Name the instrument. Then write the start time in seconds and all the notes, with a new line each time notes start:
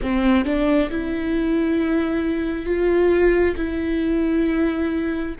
viola
0.02 C4
0.44 D4
0.90 E4
2.65 F4
3.56 E4